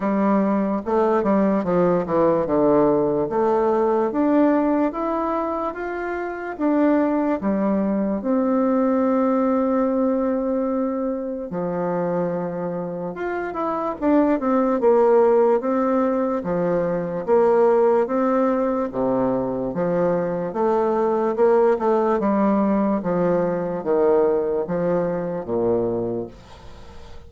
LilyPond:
\new Staff \with { instrumentName = "bassoon" } { \time 4/4 \tempo 4 = 73 g4 a8 g8 f8 e8 d4 | a4 d'4 e'4 f'4 | d'4 g4 c'2~ | c'2 f2 |
f'8 e'8 d'8 c'8 ais4 c'4 | f4 ais4 c'4 c4 | f4 a4 ais8 a8 g4 | f4 dis4 f4 ais,4 | }